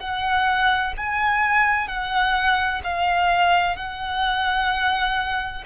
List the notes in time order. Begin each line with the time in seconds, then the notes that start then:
0.00 F#5
0.98 G#5
1.88 F#5
2.84 F5
3.77 F#5